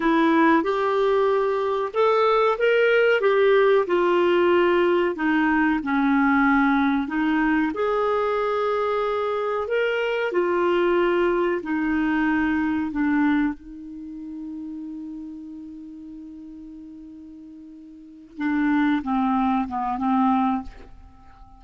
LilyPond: \new Staff \with { instrumentName = "clarinet" } { \time 4/4 \tempo 4 = 93 e'4 g'2 a'4 | ais'4 g'4 f'2 | dis'4 cis'2 dis'4 | gis'2. ais'4 |
f'2 dis'2 | d'4 dis'2.~ | dis'1~ | dis'8 d'4 c'4 b8 c'4 | }